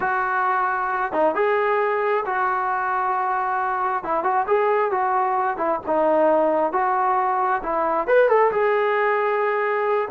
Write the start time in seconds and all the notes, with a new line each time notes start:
0.00 F#4
1.12 D#4
1.34 G#4
2.25 F#4
4.03 E4
4.23 F#4
4.47 G#4
4.91 F#4
5.57 E4
5.86 D#4
6.72 F#4
7.62 E4
8.07 B4
8.28 A4
8.51 G#4